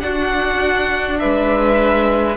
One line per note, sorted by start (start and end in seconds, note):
0.00 2.37 D4
0.00 1.19 D4
0.00 1.20 F#4
0.00 1.18 F#5
1.19 2.37 G#3
1.19 2.37 B4
1.19 2.36 E5